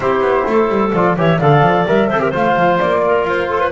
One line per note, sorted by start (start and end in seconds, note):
0.00 0.20 C4
0.00 0.91 E4
0.00 0.47 G4
0.00 0.91 C5
0.20 0.43 B3
0.47 0.68 A3
0.47 1.18 A4
0.68 0.91 G3
0.92 1.16 F3
0.92 1.17 F4
0.92 1.17 D5
1.16 1.39 E3
1.16 1.40 G4
1.16 1.39 C#5
1.16 1.39 E5
1.39 1.62 D3
1.39 1.87 A4
1.39 2.08 D5
1.39 1.86 F5
1.62 1.85 F3
1.87 2.10 G3
1.87 2.10 A#4
1.87 2.33 E5
2.08 2.33 C4
2.08 2.20 A4
2.08 2.20 C5
2.20 2.31 G4
2.20 2.30 A#4
2.30 2.56 A3
2.30 3.71 F4
2.30 2.99 C5
2.30 2.79 F5
2.56 2.79 F3
2.79 3.24 A#3
2.79 3.25 D5
3.06 3.49 A#4
3.24 3.71 F4
3.24 3.71 C5
3.49 3.60 A4
3.60 3.71 B4